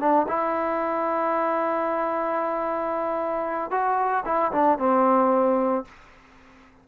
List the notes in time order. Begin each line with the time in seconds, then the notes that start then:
0.00 D4
0.28 E4
3.71 F#4
4.25 E4
4.52 D4
4.78 C4